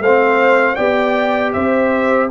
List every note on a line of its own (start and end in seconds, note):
0.00 0.76 A3
0.00 0.76 C5
0.00 0.75 F5
0.06 0.77 C4
0.75 1.54 B3
0.75 2.29 G4
0.75 1.52 D5
0.75 1.51 G5
1.53 2.31 C4
1.53 2.30 C5
1.53 2.29 E5